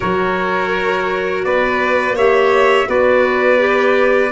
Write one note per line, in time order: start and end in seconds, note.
0.00 1.44 F#3
0.00 2.15 F#4
0.00 1.44 A#4
0.00 1.44 C#5
1.44 2.14 B3
1.44 2.15 B4
1.44 2.16 D5
2.14 2.87 A#3
2.14 2.86 G4
2.14 2.88 C#5
2.14 2.89 E5
2.86 4.32 B3
2.86 3.57 F#4
2.86 4.32 B4
2.86 4.32 D5
3.57 4.29 G4